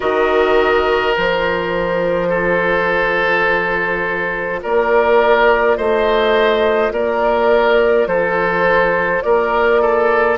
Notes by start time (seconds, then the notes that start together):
0.00 D#3 F#4 A#4 D#5
1.13 F3 F4 C5
2.28 A4
4.62 A#3 A#4 D5
5.76 A3 C5 D#5
6.91 A#3 A#4 D5
8.06 F3 A4 C5
9.21 A#3 A#4 D5
9.81 A4